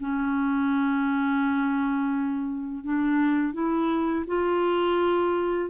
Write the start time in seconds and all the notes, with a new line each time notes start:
0.00 C#4
2.84 D4
3.54 E4
4.27 F4